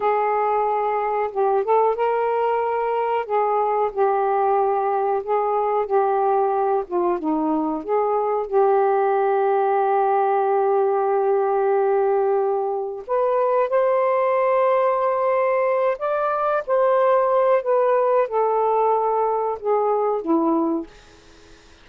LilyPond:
\new Staff \with { instrumentName = "saxophone" } { \time 4/4 \tempo 4 = 92 gis'2 g'8 a'8 ais'4~ | ais'4 gis'4 g'2 | gis'4 g'4. f'8 dis'4 | gis'4 g'2.~ |
g'1 | b'4 c''2.~ | c''8 d''4 c''4. b'4 | a'2 gis'4 e'4 | }